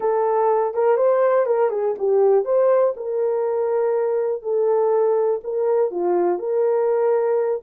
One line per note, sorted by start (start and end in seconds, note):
0.00 0.74 A4
0.74 0.97 A#4
0.97 1.46 C5
1.46 1.70 A#4
1.70 1.94 G#4
1.98 2.44 G4
2.44 2.94 C5
2.96 4.42 A#4
4.42 5.40 A4
5.43 5.90 A#4
5.90 6.38 F4
6.38 7.61 A#4